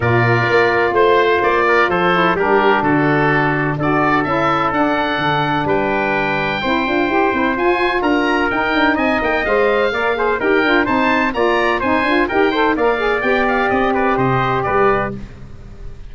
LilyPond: <<
  \new Staff \with { instrumentName = "oboe" } { \time 4/4 \tempo 4 = 127 d''2 c''4 d''4 | c''4 ais'4 a'2 | d''4 e''4 fis''2 | g''1 |
gis''4 ais''4 g''4 gis''8 g''8 | f''2 g''4 a''4 | ais''4 gis''4 g''4 f''4 | g''8 f''8 dis''8 d''8 dis''4 d''4 | }
  \new Staff \with { instrumentName = "trumpet" } { \time 4/4 ais'2 c''4. ais'8 | a'4 g'4 fis'2 | a'1 | b'2 c''2~ |
c''4 ais'2 dis''4~ | dis''4 d''8 c''8 ais'4 c''4 | d''4 c''4 ais'8 c''8 d''4~ | d''4. b'8 c''4 b'4 | }
  \new Staff \with { instrumentName = "saxophone" } { \time 4/4 f'1~ | f'8 e'8 d'2. | fis'4 e'4 d'2~ | d'2 e'8 f'8 g'8 e'8 |
f'2 dis'2 | c''4 ais'8 gis'8 g'8 f'8 dis'4 | f'4 dis'8 f'8 g'8 a'8 ais'8 gis'8 | g'1 | }
  \new Staff \with { instrumentName = "tuba" } { \time 4/4 ais,4 ais4 a4 ais4 | f4 g4 d2 | d'4 cis'4 d'4 d4 | g2 c'8 d'8 e'8 c'8 |
f'4 d'4 dis'8 d'8 c'8 ais8 | gis4 ais4 dis'8 d'8 c'4 | ais4 c'8 d'8 dis'4 ais4 | b4 c'4 c4 g4 | }
>>